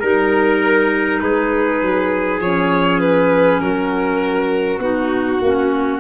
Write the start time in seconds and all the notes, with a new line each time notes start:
0.00 G3 D#4 A#4
1.20 G#3 G#4 B4
1.82 F#3
2.40 F3 C#4 C#5
3.00 B4
3.60 F#3 F#4 A#4
4.79 B3 D#4 F#4
5.42 A#3 C#4